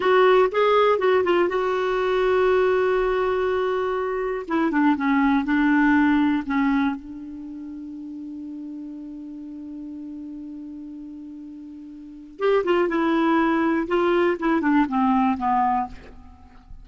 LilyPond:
\new Staff \with { instrumentName = "clarinet" } { \time 4/4 \tempo 4 = 121 fis'4 gis'4 fis'8 f'8 fis'4~ | fis'1~ | fis'4 e'8 d'8 cis'4 d'4~ | d'4 cis'4 d'2~ |
d'1~ | d'1~ | d'4 g'8 f'8 e'2 | f'4 e'8 d'8 c'4 b4 | }